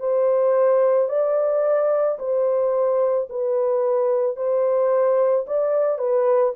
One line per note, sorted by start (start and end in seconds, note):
0.00 1.09 C5
1.10 2.19 D5
2.19 3.28 C5
3.30 4.37 B4
4.37 5.46 C5
5.47 5.99 D5
5.99 6.54 B4